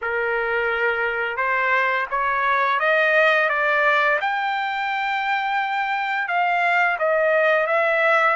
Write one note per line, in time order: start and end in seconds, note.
0.01 1.36 A#4
1.36 2.06 C5
2.10 2.79 C#5
2.79 3.49 D#5
3.49 4.19 D5
4.20 6.28 G5
6.28 6.97 F5
6.99 7.66 D#5
7.66 8.36 E5